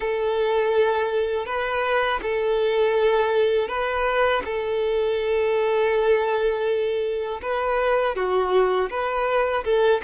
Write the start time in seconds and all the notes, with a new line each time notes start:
0.00 A4
1.46 B4
2.22 A4
3.68 B4
4.44 A4
7.42 B4
8.15 F#4
8.90 B4
9.64 A4